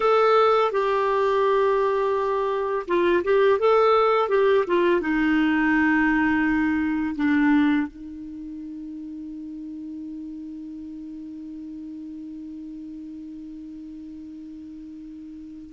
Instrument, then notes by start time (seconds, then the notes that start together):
clarinet
0.00 A4
0.71 G4
2.87 F4
3.23 G4
3.59 A4
4.29 G4
4.67 F4
5.00 D#4
7.15 D4
7.87 D#4